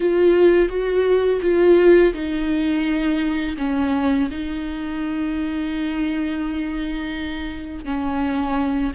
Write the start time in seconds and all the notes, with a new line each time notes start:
0.00 F4
0.69 F#4
1.41 F4
2.13 D#4
3.57 C#4
4.31 D#4
7.84 C#4